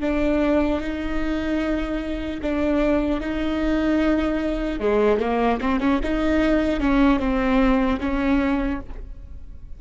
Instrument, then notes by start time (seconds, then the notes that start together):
viola
0.00 D4
0.80 D#4
2.42 D4
3.20 D#4
4.79 G#3
5.19 A#3
5.60 C4
5.80 C#4
6.03 D#4
6.80 C#4
7.19 C4
8.00 C#4